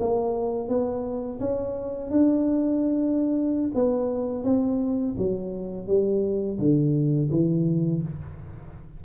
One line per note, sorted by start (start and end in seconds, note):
0.00 0.69 A#3
0.69 1.40 B3
1.40 2.11 C#4
2.11 3.71 D4
3.75 4.44 B3
4.44 5.16 C4
5.18 5.87 F#3
5.87 6.59 G3
6.59 7.30 D3
7.31 8.02 E3